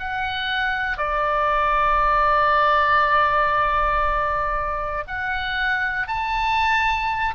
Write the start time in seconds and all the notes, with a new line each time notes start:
0.00 F#5
0.98 D5
5.08 F#5
6.08 A5